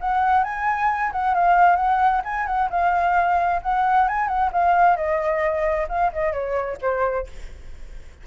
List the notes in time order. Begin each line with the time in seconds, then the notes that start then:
0.00 F#5
0.43 G#5
1.12 F#5
1.34 F5
1.76 F#5
2.24 G#5
2.46 F#5
2.70 F5
3.62 F#5
4.08 G#5
4.27 F#5
4.52 F5
4.96 D#5
5.88 F5
6.12 D#5
6.32 C#5
6.81 C5